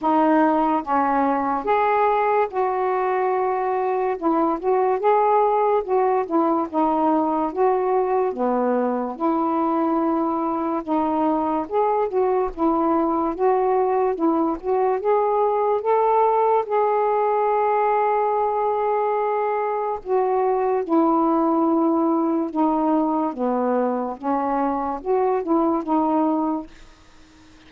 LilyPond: \new Staff \with { instrumentName = "saxophone" } { \time 4/4 \tempo 4 = 72 dis'4 cis'4 gis'4 fis'4~ | fis'4 e'8 fis'8 gis'4 fis'8 e'8 | dis'4 fis'4 b4 e'4~ | e'4 dis'4 gis'8 fis'8 e'4 |
fis'4 e'8 fis'8 gis'4 a'4 | gis'1 | fis'4 e'2 dis'4 | b4 cis'4 fis'8 e'8 dis'4 | }